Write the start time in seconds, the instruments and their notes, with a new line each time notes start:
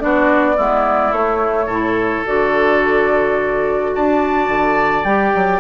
0.00 bassoon B3, clarinet D4, oboe F#4, flute D5
0.57 bassoon G#3, clarinet B3, oboe E4
1.12 bassoon A3, clarinet A3, flute C#5
1.66 bassoon A2, clarinet E4, oboe A4
2.26 bassoon D3, clarinet F#4, flute D5
3.95 bassoon D4, oboe D5, flute A5
4.48 bassoon D3
5.04 bassoon G3, clarinet G4, flute G5
5.36 bassoon F#3